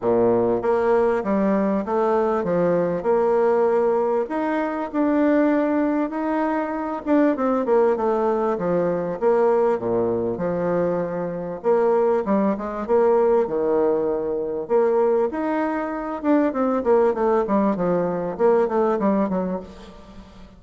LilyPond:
\new Staff \with { instrumentName = "bassoon" } { \time 4/4 \tempo 4 = 98 ais,4 ais4 g4 a4 | f4 ais2 dis'4 | d'2 dis'4. d'8 | c'8 ais8 a4 f4 ais4 |
ais,4 f2 ais4 | g8 gis8 ais4 dis2 | ais4 dis'4. d'8 c'8 ais8 | a8 g8 f4 ais8 a8 g8 fis8 | }